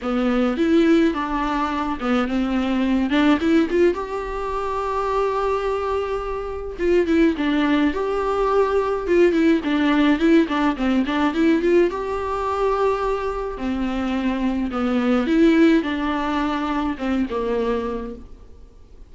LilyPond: \new Staff \with { instrumentName = "viola" } { \time 4/4 \tempo 4 = 106 b4 e'4 d'4. b8 | c'4. d'8 e'8 f'8 g'4~ | g'1 | f'8 e'8 d'4 g'2 |
f'8 e'8 d'4 e'8 d'8 c'8 d'8 | e'8 f'8 g'2. | c'2 b4 e'4 | d'2 c'8 ais4. | }